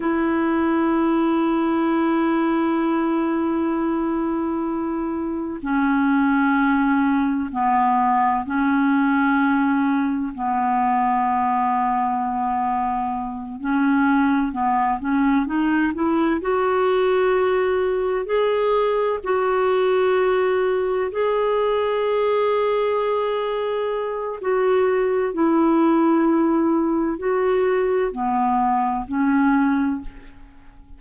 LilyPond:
\new Staff \with { instrumentName = "clarinet" } { \time 4/4 \tempo 4 = 64 e'1~ | e'2 cis'2 | b4 cis'2 b4~ | b2~ b8 cis'4 b8 |
cis'8 dis'8 e'8 fis'2 gis'8~ | gis'8 fis'2 gis'4.~ | gis'2 fis'4 e'4~ | e'4 fis'4 b4 cis'4 | }